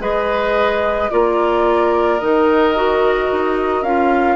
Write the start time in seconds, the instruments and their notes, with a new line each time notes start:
0.00 bassoon G#3, clarinet G#4, oboe B4, flute D#5
1.11 bassoon A#3, clarinet F4, oboe A#4, flute D5
2.20 bassoon D#3, clarinet D#4, flute D#5
2.75 clarinet F#4
3.32 bassoon D#4
3.83 bassoon C#4, clarinet F4, flute F5